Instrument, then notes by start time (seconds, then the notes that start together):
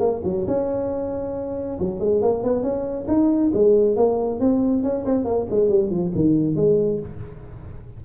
tuba
0.00 A#3
0.24 F#3
0.47 C#4
1.80 F#3
2.00 G#3
2.22 A#3
2.44 B3
2.63 C#4
3.08 D#4
3.54 G#3
3.97 A#3
4.40 C4
4.83 C#4
5.06 C4
5.25 A#3
5.51 G#3
5.69 G3
5.90 F3
6.15 D#3
6.56 G#3